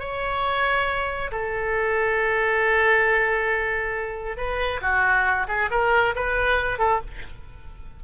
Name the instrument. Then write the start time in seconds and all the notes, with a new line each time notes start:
oboe
0.00 C#5
1.32 A4
4.37 B4
4.82 F#4
5.48 G#4
5.71 A#4
6.16 B4
6.79 A4